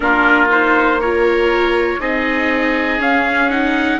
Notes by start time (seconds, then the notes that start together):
0.00 A#3 D4 F4 A#4
0.49 D#4 C5
1.00 F4 A#4 C#5
1.99 C4 D#4 G#4 D#5
2.98 C#4 F5
3.49 D#4 F#5